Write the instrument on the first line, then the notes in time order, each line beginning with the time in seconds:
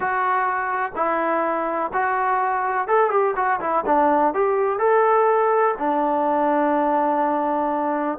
trombone
0.00 F#4
0.95 E4
1.93 F#4
2.87 A4
3.10 G4
3.36 F#4
3.60 E4
3.86 D4
4.34 G4
4.78 A4
5.78 D4